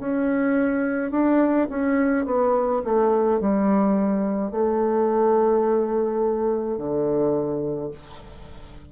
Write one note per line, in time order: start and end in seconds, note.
0.00 1.12 C#4
1.12 1.68 D4
1.70 2.26 C#4
2.26 2.83 B3
2.85 3.41 A3
3.41 4.51 G3
4.51 6.78 A3
6.78 7.91 D3